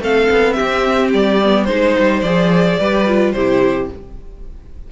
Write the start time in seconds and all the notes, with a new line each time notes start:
0.00 A3 C4 A4 F5
0.31 B3
0.53 G4 E5
0.61 C4
1.14 G3 D5
1.44 B3
1.65 G#3 D#4 C5
2.00 G3
2.21 F3 G#4 D5
2.80 G3 G4 B4
3.07 F4
3.33 C3 E4 G4 C5